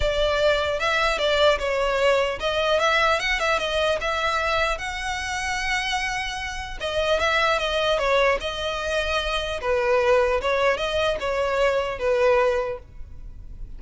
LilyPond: \new Staff \with { instrumentName = "violin" } { \time 4/4 \tempo 4 = 150 d''2 e''4 d''4 | cis''2 dis''4 e''4 | fis''8 e''8 dis''4 e''2 | fis''1~ |
fis''4 dis''4 e''4 dis''4 | cis''4 dis''2. | b'2 cis''4 dis''4 | cis''2 b'2 | }